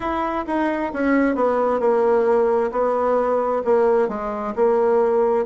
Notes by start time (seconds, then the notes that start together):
0.00 E4
0.46 D#4
0.93 C#4
1.35 B3
1.79 A#3
2.71 B3
3.64 A#3
4.08 G#3
4.55 A#3